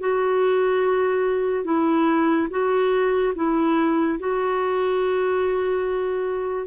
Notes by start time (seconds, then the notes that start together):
0.00 F#4
1.64 E4
2.50 F#4
3.35 E4
4.19 F#4